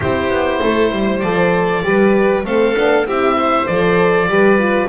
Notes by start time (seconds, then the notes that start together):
0.00 C4 E4 G4 C5
0.29 B3
0.62 A3 A4
0.91 G3 C5
1.20 F3 A4 D5
1.83 G3 G4 B4
2.44 A3 C4 A4 F5
2.75 B3 D4
3.05 C4 E4 G4 E5
3.36 C5
3.66 F3 A4 D5
4.28 G3 G4 B4
4.58 F4